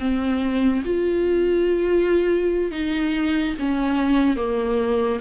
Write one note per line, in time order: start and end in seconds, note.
0.00 0.83 C4
0.85 2.72 F4
2.72 3.55 D#4
3.60 4.37 C#4
4.37 5.20 A#3